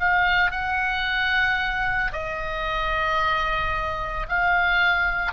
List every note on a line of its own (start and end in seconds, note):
0.00 0.51 F5
0.51 2.12 F#5
2.13 4.27 D#5
4.29 5.33 F5